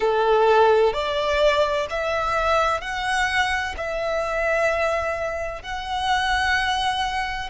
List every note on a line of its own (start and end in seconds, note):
0.00 0.93 A4
0.93 1.87 D5
1.90 2.80 E5
2.80 3.74 F#5
3.77 5.62 E5
5.62 7.49 F#5